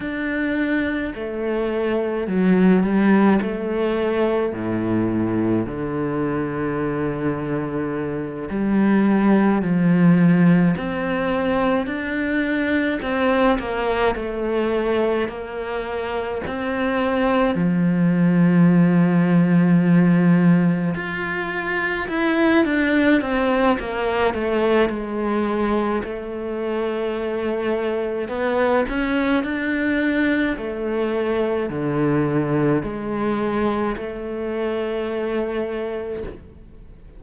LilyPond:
\new Staff \with { instrumentName = "cello" } { \time 4/4 \tempo 4 = 53 d'4 a4 fis8 g8 a4 | a,4 d2~ d8 g8~ | g8 f4 c'4 d'4 c'8 | ais8 a4 ais4 c'4 f8~ |
f2~ f8 f'4 e'8 | d'8 c'8 ais8 a8 gis4 a4~ | a4 b8 cis'8 d'4 a4 | d4 gis4 a2 | }